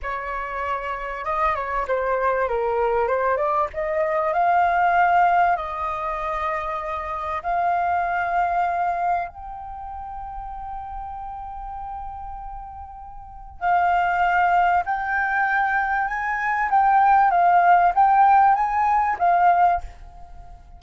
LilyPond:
\new Staff \with { instrumentName = "flute" } { \time 4/4 \tempo 4 = 97 cis''2 dis''8 cis''8 c''4 | ais'4 c''8 d''8 dis''4 f''4~ | f''4 dis''2. | f''2. g''4~ |
g''1~ | g''2 f''2 | g''2 gis''4 g''4 | f''4 g''4 gis''4 f''4 | }